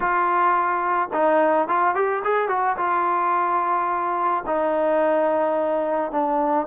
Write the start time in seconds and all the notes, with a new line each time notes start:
0.00 F4
1.13 D#4
1.68 F4
1.94 G4
2.23 G#4
2.48 F#4
2.77 F4
4.46 D#4
6.11 D4